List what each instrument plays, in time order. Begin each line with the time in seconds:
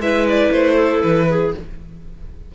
0.00 cello G#3, viola E4, clarinet B4, violin E5
0.29 violin D5
0.52 cello A3, violin C5
0.75 clarinet A4
1.02 cello E3, violin B4
1.30 clarinet G#4